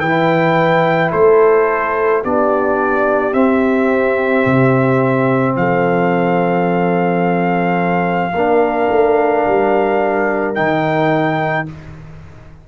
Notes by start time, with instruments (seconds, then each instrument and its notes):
0.00 tuba E3, trombone E4, horn B4, trumpet G5
1.11 tuba A3, horn A4, trumpet C5
2.23 tuba B3, trombone D4, horn G4, trumpet D5
3.32 trombone C4, tuba C4, trumpet E5
4.46 tuba C3
5.56 tuba F3, horn A4, trumpet F5
8.33 tuba A#3, trombone D4, horn A#4
8.91 tuba A3
9.48 tuba G3
10.55 tuba D#3, trombone D#4, trumpet G5